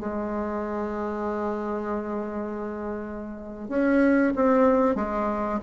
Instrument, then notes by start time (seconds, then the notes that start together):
bassoon
0.00 G#3
3.69 C#4
4.36 C4
4.96 G#3